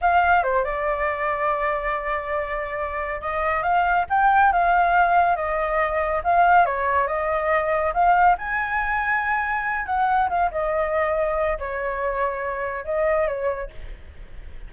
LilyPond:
\new Staff \with { instrumentName = "flute" } { \time 4/4 \tempo 4 = 140 f''4 c''8 d''2~ d''8~ | d''2.~ d''8 dis''8~ | dis''8 f''4 g''4 f''4.~ | f''8 dis''2 f''4 cis''8~ |
cis''8 dis''2 f''4 gis''8~ | gis''2. fis''4 | f''8 dis''2~ dis''8 cis''4~ | cis''2 dis''4 cis''4 | }